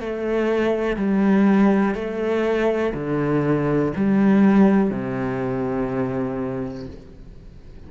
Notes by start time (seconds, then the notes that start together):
0.00 A3
0.97 G3
1.95 A3
2.94 D3
3.96 G3
4.90 C3